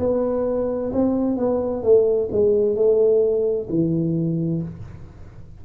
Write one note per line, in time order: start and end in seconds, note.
0.00 0.92 B3
0.93 1.37 C4
1.37 1.83 B3
1.83 2.29 A3
2.32 2.76 G#3
2.76 3.68 A3
3.70 4.62 E3